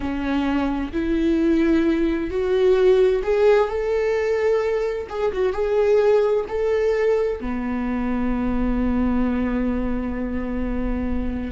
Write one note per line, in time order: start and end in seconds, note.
0.00 0.91 C#4
0.92 2.30 E4
2.30 3.22 F#4
3.23 3.68 G#4
3.68 5.07 A4
5.09 5.32 G#4
5.32 5.53 F#4
5.53 6.45 G#4
6.48 7.40 A4
7.40 11.51 B3